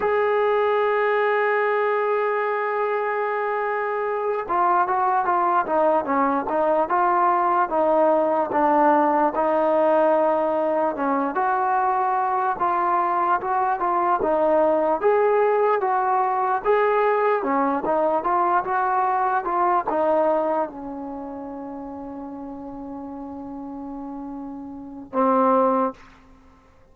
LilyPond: \new Staff \with { instrumentName = "trombone" } { \time 4/4 \tempo 4 = 74 gis'1~ | gis'4. f'8 fis'8 f'8 dis'8 cis'8 | dis'8 f'4 dis'4 d'4 dis'8~ | dis'4. cis'8 fis'4. f'8~ |
f'8 fis'8 f'8 dis'4 gis'4 fis'8~ | fis'8 gis'4 cis'8 dis'8 f'8 fis'4 | f'8 dis'4 cis'2~ cis'8~ | cis'2. c'4 | }